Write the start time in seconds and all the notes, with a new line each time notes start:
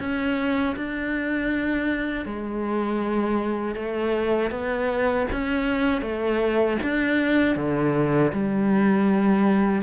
0.00 C#4
0.76 D4
2.26 G#3
3.76 A3
4.51 B3
5.32 C#4
6.02 A3
6.83 D4
7.56 D3
8.33 G3